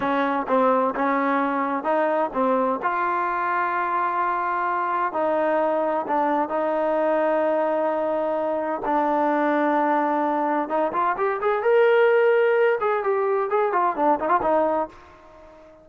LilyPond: \new Staff \with { instrumentName = "trombone" } { \time 4/4 \tempo 4 = 129 cis'4 c'4 cis'2 | dis'4 c'4 f'2~ | f'2. dis'4~ | dis'4 d'4 dis'2~ |
dis'2. d'4~ | d'2. dis'8 f'8 | g'8 gis'8 ais'2~ ais'8 gis'8 | g'4 gis'8 f'8 d'8 dis'16 f'16 dis'4 | }